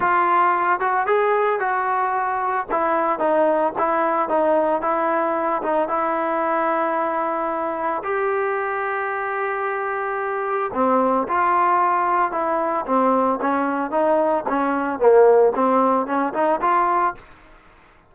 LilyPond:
\new Staff \with { instrumentName = "trombone" } { \time 4/4 \tempo 4 = 112 f'4. fis'8 gis'4 fis'4~ | fis'4 e'4 dis'4 e'4 | dis'4 e'4. dis'8 e'4~ | e'2. g'4~ |
g'1 | c'4 f'2 e'4 | c'4 cis'4 dis'4 cis'4 | ais4 c'4 cis'8 dis'8 f'4 | }